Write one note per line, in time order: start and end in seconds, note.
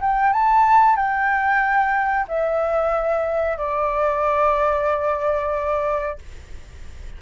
0.00 0.33 G5
0.33 0.95 A5
0.95 2.26 G5
2.28 3.57 E5
3.57 6.18 D5